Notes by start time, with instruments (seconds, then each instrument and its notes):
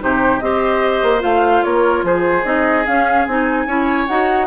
0.00 bassoon C3, clarinet D#4, oboe G4, flute C5
0.40 bassoon C4, clarinet G4, oboe C5, flute D#5
1.03 bassoon A#3
1.20 bassoon A3, clarinet F4, flute F5
1.64 bassoon A#3, oboe A#4, flute C#5
2.04 bassoon F3, oboe G#4, flute C5
2.44 bassoon C4, clarinet D#4, flute D#5
2.87 clarinet C#4, bassoon C#4, flute F5
3.28 bassoon C4, clarinet D#4, flute G#5
3.67 bassoon C#4, clarinet E4, oboe C#5
4.08 bassoon D#4, clarinet F#4, flute F#5